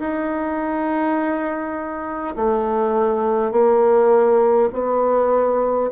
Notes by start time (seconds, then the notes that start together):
0.00 D#4
2.36 A3
3.52 A#3
4.73 B3